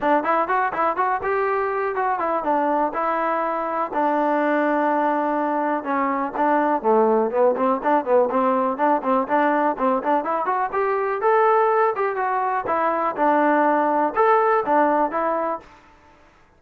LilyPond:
\new Staff \with { instrumentName = "trombone" } { \time 4/4 \tempo 4 = 123 d'8 e'8 fis'8 e'8 fis'8 g'4. | fis'8 e'8 d'4 e'2 | d'1 | cis'4 d'4 a4 b8 c'8 |
d'8 b8 c'4 d'8 c'8 d'4 | c'8 d'8 e'8 fis'8 g'4 a'4~ | a'8 g'8 fis'4 e'4 d'4~ | d'4 a'4 d'4 e'4 | }